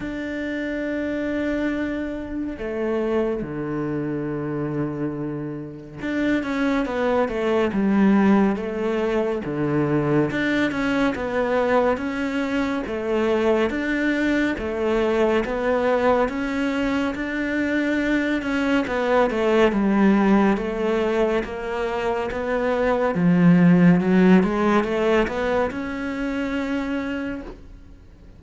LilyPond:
\new Staff \with { instrumentName = "cello" } { \time 4/4 \tempo 4 = 70 d'2. a4 | d2. d'8 cis'8 | b8 a8 g4 a4 d4 | d'8 cis'8 b4 cis'4 a4 |
d'4 a4 b4 cis'4 | d'4. cis'8 b8 a8 g4 | a4 ais4 b4 f4 | fis8 gis8 a8 b8 cis'2 | }